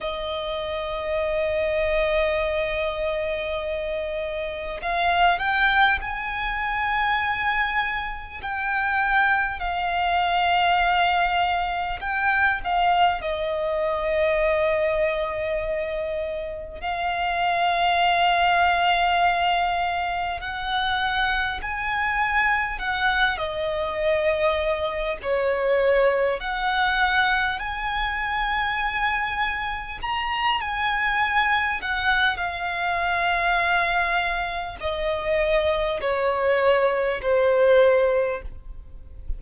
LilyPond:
\new Staff \with { instrumentName = "violin" } { \time 4/4 \tempo 4 = 50 dis''1 | f''8 g''8 gis''2 g''4 | f''2 g''8 f''8 dis''4~ | dis''2 f''2~ |
f''4 fis''4 gis''4 fis''8 dis''8~ | dis''4 cis''4 fis''4 gis''4~ | gis''4 ais''8 gis''4 fis''8 f''4~ | f''4 dis''4 cis''4 c''4 | }